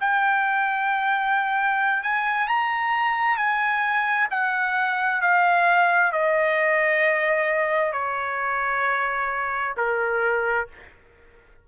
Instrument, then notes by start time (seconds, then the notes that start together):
trumpet
0.00 G5
2.02 G#5
2.48 A#5
3.36 G#5
4.30 F#5
5.21 F5
6.12 D#5
7.92 C#5
9.76 A#4